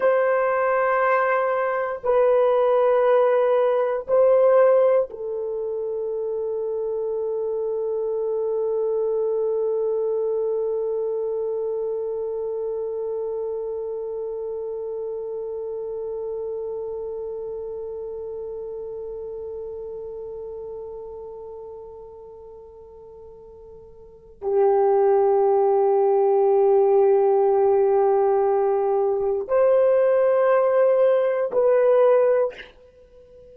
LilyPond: \new Staff \with { instrumentName = "horn" } { \time 4/4 \tempo 4 = 59 c''2 b'2 | c''4 a'2.~ | a'1~ | a'1~ |
a'1~ | a'1 | g'1~ | g'4 c''2 b'4 | }